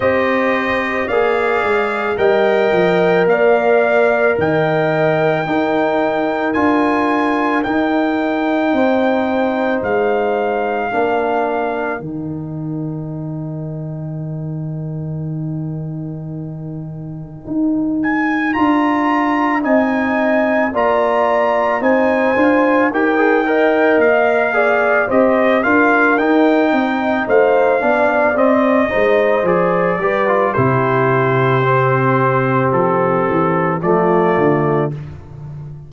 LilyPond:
<<
  \new Staff \with { instrumentName = "trumpet" } { \time 4/4 \tempo 4 = 55 dis''4 f''4 g''4 f''4 | g''2 gis''4 g''4~ | g''4 f''2 g''4~ | g''1~ |
g''8 gis''8 ais''4 gis''4 ais''4 | gis''4 g''4 f''4 dis''8 f''8 | g''4 f''4 dis''4 d''4 | c''2 a'4 d''4 | }
  \new Staff \with { instrumentName = "horn" } { \time 4/4 c''4 d''4 dis''4 d''4 | dis''4 ais'2. | c''2 ais'2~ | ais'1~ |
ais'2 dis''4 d''4 | c''4 ais'8 dis''4 d''8 c''8 ais'8~ | ais'8 dis''8 c''8 d''4 c''4 b'8 | g'2. f'4 | }
  \new Staff \with { instrumentName = "trombone" } { \time 4/4 g'4 gis'4 ais'2~ | ais'4 dis'4 f'4 dis'4~ | dis'2 d'4 dis'4~ | dis'1~ |
dis'4 f'4 dis'4 f'4 | dis'8 f'8 g'16 gis'16 ais'4 gis'8 g'8 f'8 | dis'4. d'8 c'8 dis'8 gis'8 g'16 f'16 | e'4 c'2 a4 | }
  \new Staff \with { instrumentName = "tuba" } { \time 4/4 c'4 ais8 gis8 g8 f8 ais4 | dis4 dis'4 d'4 dis'4 | c'4 gis4 ais4 dis4~ | dis1 |
dis'4 d'4 c'4 ais4 | c'8 d'8 dis'4 ais4 c'8 d'8 | dis'8 c'8 a8 b8 c'8 gis8 f8 g8 | c2 f8 e8 f8 d8 | }
>>